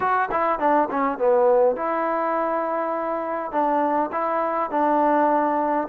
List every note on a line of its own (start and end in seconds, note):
0.00 0.29 F#4
0.31 0.59 E4
0.59 0.88 D4
0.90 1.18 C#4
1.18 1.76 B3
1.76 3.51 E4
3.51 4.10 D4
4.11 4.70 E4
4.70 5.87 D4